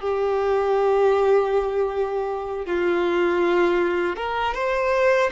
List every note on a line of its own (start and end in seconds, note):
0.00 2.65 G4
2.65 4.16 F4
4.16 4.54 A#4
4.54 5.30 C5